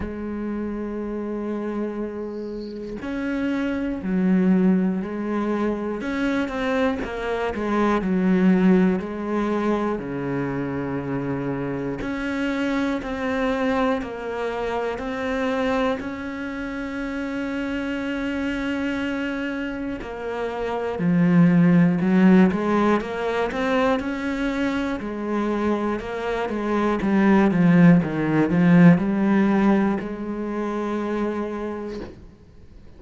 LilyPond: \new Staff \with { instrumentName = "cello" } { \time 4/4 \tempo 4 = 60 gis2. cis'4 | fis4 gis4 cis'8 c'8 ais8 gis8 | fis4 gis4 cis2 | cis'4 c'4 ais4 c'4 |
cis'1 | ais4 f4 fis8 gis8 ais8 c'8 | cis'4 gis4 ais8 gis8 g8 f8 | dis8 f8 g4 gis2 | }